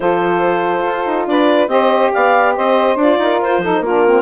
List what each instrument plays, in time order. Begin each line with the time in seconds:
0.00 bassoon F3, saxophone F4 A4, clarinet C5
0.84 bassoon F4
1.06 bassoon D#4
1.27 bassoon D4, saxophone B4, clarinet D5
1.67 bassoon C4, saxophone G4 C5, clarinet D#5
2.12 bassoon B3, saxophone D5, clarinet F5
2.55 bassoon C4, saxophone C5, clarinet D#5
2.95 bassoon D4, saxophone F4, clarinet D5
3.18 bassoon D#4, saxophone A#4
3.41 bassoon F4, clarinet C5
3.58 bassoon F3, saxophone D#4 A4
3.80 bassoon A#3, saxophone F4, clarinet A#4
3.86 saxophone D4
4.07 saxophone C4